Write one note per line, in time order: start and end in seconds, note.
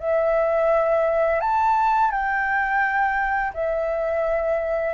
0.00 1.41 E5
1.41 2.11 A5
2.11 3.52 G5
3.54 4.94 E5